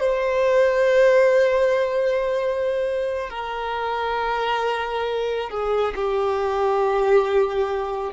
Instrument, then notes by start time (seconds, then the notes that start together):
violin
0.00 C5
3.30 A#4
5.50 G#4
5.96 G4